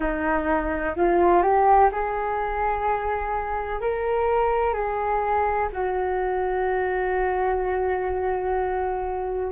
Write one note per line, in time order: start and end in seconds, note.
0.00 0.94 D#4
0.96 1.42 F4
1.42 1.90 G4
1.91 3.81 G#4
3.81 4.73 A#4
4.73 5.68 G#4
5.72 9.52 F#4